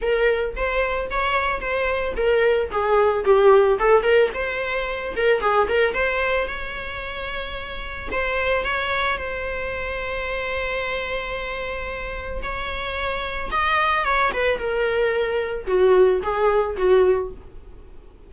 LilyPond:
\new Staff \with { instrumentName = "viola" } { \time 4/4 \tempo 4 = 111 ais'4 c''4 cis''4 c''4 | ais'4 gis'4 g'4 a'8 ais'8 | c''4. ais'8 gis'8 ais'8 c''4 | cis''2. c''4 |
cis''4 c''2.~ | c''2. cis''4~ | cis''4 dis''4 cis''8 b'8 ais'4~ | ais'4 fis'4 gis'4 fis'4 | }